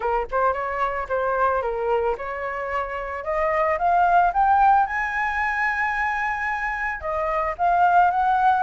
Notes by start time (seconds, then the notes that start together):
0.00 A#4
0.31 C5
0.53 C#5
1.08 C5
1.62 A#4
2.17 C#5
3.24 D#5
3.78 F5
4.33 G5
4.86 G#5
7.00 D#5
7.57 F5
8.10 F#5